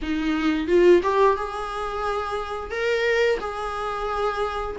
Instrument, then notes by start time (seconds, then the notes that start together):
viola
0.02 D#4
0.67 F4
1.02 G4
1.36 G#4
2.70 A#4
3.39 G#4